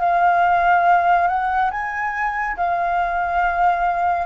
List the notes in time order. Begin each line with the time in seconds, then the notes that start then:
0.00 F5
1.28 F#5
1.71 G#5
2.57 F5